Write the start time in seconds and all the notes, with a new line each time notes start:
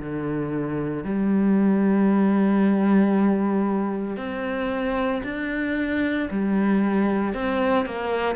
0.00 D3
1.04 G3
4.17 C4
5.24 D4
6.31 G3
7.34 C4
7.86 A#3